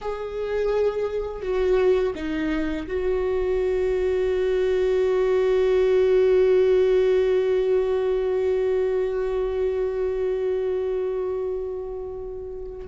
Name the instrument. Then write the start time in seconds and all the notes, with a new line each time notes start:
viola
0.01 G#4
1.42 F#4
2.15 D#4
2.87 F#4